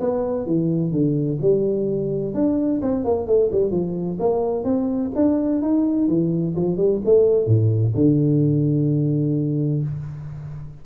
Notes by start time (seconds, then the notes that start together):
0.00 B3
0.46 E3
0.92 D3
1.41 G3
2.34 D4
2.81 C4
3.04 A#3
3.26 A3
3.52 G3
3.71 F3
4.20 A#3
4.64 C4
5.15 D4
5.62 D#4
6.08 E3
6.56 F3
6.77 G3
7.05 A3
7.47 A2
7.95 D3